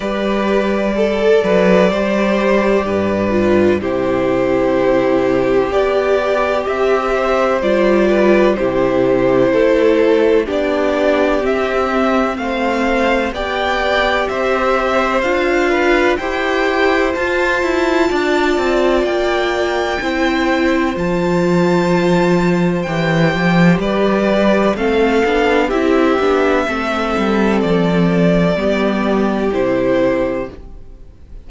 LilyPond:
<<
  \new Staff \with { instrumentName = "violin" } { \time 4/4 \tempo 4 = 63 d''1 | c''2 d''4 e''4 | d''4 c''2 d''4 | e''4 f''4 g''4 e''4 |
f''4 g''4 a''2 | g''2 a''2 | g''4 d''4 f''4 e''4~ | e''4 d''2 c''4 | }
  \new Staff \with { instrumentName = "violin" } { \time 4/4 b'4 a'8 b'8 c''4 b'4 | g'2.~ g'8 c''8~ | c''8 b'8 g'4 a'4 g'4~ | g'4 c''4 d''4 c''4~ |
c''8 b'8 c''2 d''4~ | d''4 c''2.~ | c''4 b'4 a'4 g'4 | a'2 g'2 | }
  \new Staff \with { instrumentName = "viola" } { \time 4/4 g'4 a'4 g'4. f'8 | e'2 g'2 | f'4 e'2 d'4 | c'2 g'2 |
f'4 g'4 f'2~ | f'4 e'4 f'2 | g'2 c'8 d'8 e'8 d'8 | c'2 b4 e'4 | }
  \new Staff \with { instrumentName = "cello" } { \time 4/4 g4. fis8 g4 g,4 | c2 b4 c'4 | g4 c4 a4 b4 | c'4 a4 b4 c'4 |
d'4 e'4 f'8 e'8 d'8 c'8 | ais4 c'4 f2 | e8 f8 g4 a8 b8 c'8 b8 | a8 g8 f4 g4 c4 | }
>>